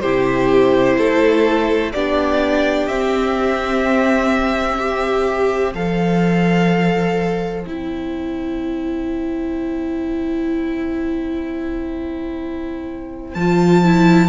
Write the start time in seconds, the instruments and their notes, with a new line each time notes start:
0.00 cello C3, viola E4, violin G4 C5
0.98 cello A3, violin A4
1.92 cello B3, viola D4, violin G4 D5
2.87 cello C4, viola C4, violin E5
4.78 viola G4, violin C5
5.74 cello F3, viola A4, violin F5
7.64 cello C4, viola E4, violin G5
13.34 cello F3, viola F4, violin A5
13.84 viola E4